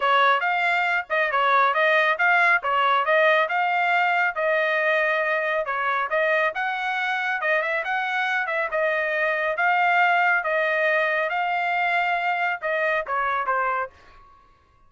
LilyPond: \new Staff \with { instrumentName = "trumpet" } { \time 4/4 \tempo 4 = 138 cis''4 f''4. dis''8 cis''4 | dis''4 f''4 cis''4 dis''4 | f''2 dis''2~ | dis''4 cis''4 dis''4 fis''4~ |
fis''4 dis''8 e''8 fis''4. e''8 | dis''2 f''2 | dis''2 f''2~ | f''4 dis''4 cis''4 c''4 | }